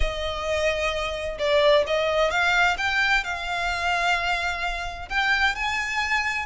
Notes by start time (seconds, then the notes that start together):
0.00 D#5
1.38 D5
1.87 D#5
2.30 F5
2.77 G5
3.24 F5
5.09 G5
5.55 G#5